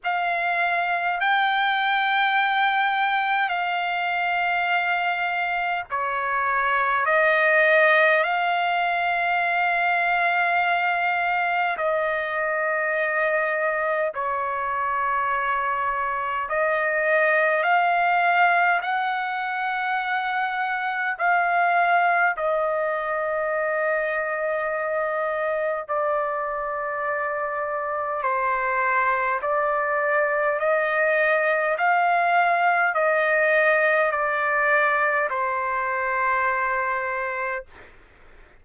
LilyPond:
\new Staff \with { instrumentName = "trumpet" } { \time 4/4 \tempo 4 = 51 f''4 g''2 f''4~ | f''4 cis''4 dis''4 f''4~ | f''2 dis''2 | cis''2 dis''4 f''4 |
fis''2 f''4 dis''4~ | dis''2 d''2 | c''4 d''4 dis''4 f''4 | dis''4 d''4 c''2 | }